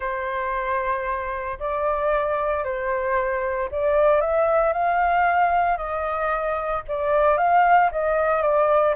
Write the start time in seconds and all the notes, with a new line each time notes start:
0.00 C5
1.59 D5
2.64 C5
3.71 D5
4.20 E5
4.72 F5
5.77 D#5
6.88 D5
7.37 F5
7.91 D#5
8.42 D5